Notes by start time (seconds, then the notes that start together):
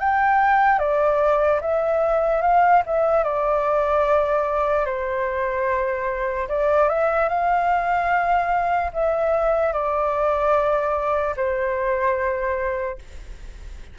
0.00 G5
0.79 D5
1.61 E5
2.42 F5
2.86 E5
3.24 D5
4.86 C5
6.49 D5
6.89 E5
7.29 F5
8.93 E5
9.73 D5
11.37 C5